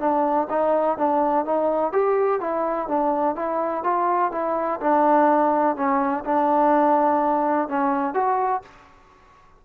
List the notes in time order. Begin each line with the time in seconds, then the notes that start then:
0.00 D4
0.50 D#4
0.98 D4
1.46 D#4
1.93 G4
2.41 E4
2.89 D4
3.36 E4
3.84 F4
4.32 E4
4.81 D4
5.76 C#4
6.25 D4
7.69 C#4
8.14 F#4